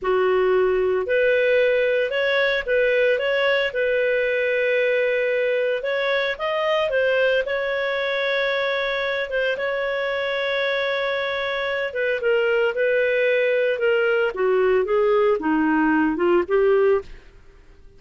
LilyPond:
\new Staff \with { instrumentName = "clarinet" } { \time 4/4 \tempo 4 = 113 fis'2 b'2 | cis''4 b'4 cis''4 b'4~ | b'2. cis''4 | dis''4 c''4 cis''2~ |
cis''4. c''8 cis''2~ | cis''2~ cis''8 b'8 ais'4 | b'2 ais'4 fis'4 | gis'4 dis'4. f'8 g'4 | }